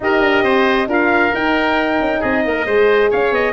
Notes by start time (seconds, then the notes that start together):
0.00 D#4 G4 A#4 D#5
0.20 D4
0.42 C4 C5
0.86 D4 F4 A#4 F5
1.33 D#4 G5
1.99 C#4
2.20 C4 G#4 D#5
2.45 A#3 A#4
2.65 G#3 G#4 C5
3.10 C#4 C#5 F5
3.31 B3 D#5